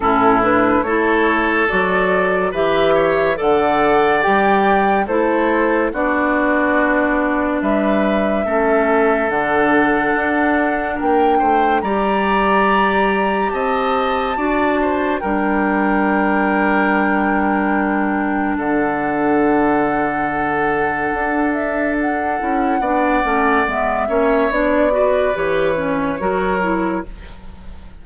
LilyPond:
<<
  \new Staff \with { instrumentName = "flute" } { \time 4/4 \tempo 4 = 71 a'8 b'8 cis''4 d''4 e''4 | fis''4 g''4 c''4 d''4~ | d''4 e''2 fis''4~ | fis''4 g''4 ais''2 |
a''2 g''2~ | g''2 fis''2~ | fis''4. e''8 fis''2 | e''4 d''4 cis''2 | }
  \new Staff \with { instrumentName = "oboe" } { \time 4/4 e'4 a'2 b'8 cis''8 | d''2 a'4 fis'4~ | fis'4 b'4 a'2~ | a'4 ais'8 c''8 d''2 |
dis''4 d''8 c''8 ais'2~ | ais'2 a'2~ | a'2. d''4~ | d''8 cis''4 b'4. ais'4 | }
  \new Staff \with { instrumentName = "clarinet" } { \time 4/4 cis'8 d'8 e'4 fis'4 g'4 | a'4 g'4 e'4 d'4~ | d'2 cis'4 d'4~ | d'2 g'2~ |
g'4 fis'4 d'2~ | d'1~ | d'2~ d'8 e'8 d'8 cis'8 | b8 cis'8 d'8 fis'8 g'8 cis'8 fis'8 e'8 | }
  \new Staff \with { instrumentName = "bassoon" } { \time 4/4 a,4 a4 fis4 e4 | d4 g4 a4 b4~ | b4 g4 a4 d4 | d'4 ais8 a8 g2 |
c'4 d'4 g2~ | g2 d2~ | d4 d'4. cis'8 b8 a8 | gis8 ais8 b4 e4 fis4 | }
>>